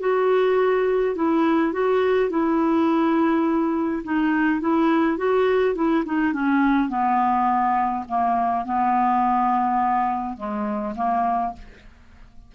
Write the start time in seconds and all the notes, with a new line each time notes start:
0.00 F#4
1.15 E4
1.73 F#4
2.30 E4
4.04 D#4
4.61 E4
5.18 F#4
5.75 E4
6.06 D#4
6.33 C#4
6.89 B3
8.08 A#3
8.65 B3
10.37 G#3
10.96 A#3